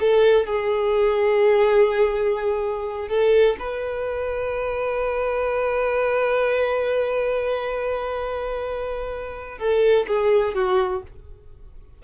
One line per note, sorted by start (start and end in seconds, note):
0.00 0.46 A4
0.46 3.09 G#4
3.09 3.57 A4
3.59 9.58 B4
9.58 10.06 A4
10.07 10.54 G#4
10.54 11.02 F#4